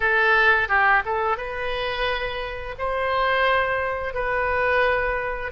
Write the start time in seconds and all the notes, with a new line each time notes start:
0.00 A4
0.68 G4
1.05 A4
1.37 B4
2.78 C5
4.14 B4